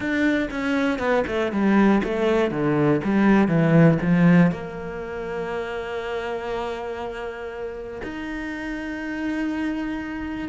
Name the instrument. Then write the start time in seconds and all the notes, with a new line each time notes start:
cello
0.00 D4
0.50 C#4
0.99 B3
1.27 A3
1.52 G3
2.03 A3
2.50 D3
3.04 G3
3.48 E3
4.01 F3
4.51 A#3
8.03 D#4